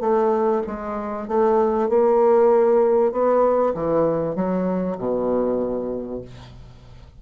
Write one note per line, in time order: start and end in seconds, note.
0.00 0.62 A3
0.67 1.28 G#3
1.28 1.89 A3
1.89 3.12 A#3
3.12 3.73 B3
3.74 4.35 E3
4.35 4.97 F#3
4.98 6.21 B2